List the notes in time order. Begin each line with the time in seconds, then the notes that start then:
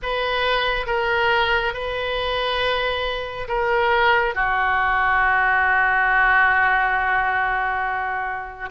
0.02 B4
0.86 A#4
1.74 B4
3.47 A#4
4.34 F#4